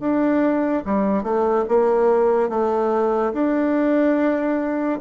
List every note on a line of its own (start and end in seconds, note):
0.00 0.83 D4
0.85 1.23 G3
1.23 1.65 A3
1.68 2.49 A#3
2.49 3.33 A3
3.33 5.00 D4